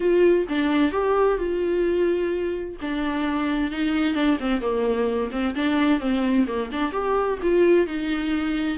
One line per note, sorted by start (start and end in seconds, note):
0.00 0.46 F4
0.48 0.91 D4
0.91 1.37 G4
1.37 2.76 F4
2.81 3.71 D4
3.71 4.14 D#4
4.14 4.37 D4
4.40 4.61 C4
4.61 5.30 A#3
5.31 5.54 C4
5.55 5.99 D4
5.99 6.46 C4
6.47 6.70 A#3
6.72 6.92 D4
6.92 7.38 G4
7.42 7.87 F4
7.87 8.77 D#4